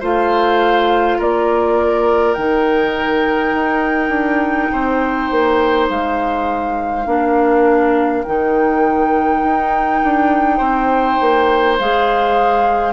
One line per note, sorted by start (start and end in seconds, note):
0.00 1.19 A3
0.00 2.37 F4
0.00 1.18 C5
0.00 1.21 F5
1.18 2.37 A#3
1.18 4.71 A#4
1.18 2.34 D5
2.34 3.53 D#3
2.34 7.06 D#4
2.34 5.87 G5
3.53 4.09 D#4
4.09 4.68 D4
4.72 5.31 C4
4.72 7.06 C5
5.31 5.89 A#3
5.89 7.06 G#3
5.89 8.24 F5
7.06 8.24 A#3
7.06 8.24 D4
7.06 10.57 A#4
8.24 9.43 D#3
8.24 11.79 D#4
8.24 11.77 G5
9.43 10.02 D#4
10.03 10.60 D4
10.57 11.18 C4
10.57 12.92 C5
11.21 11.79 A#3
11.78 12.92 G#3
11.78 12.92 G#4
11.78 12.92 F5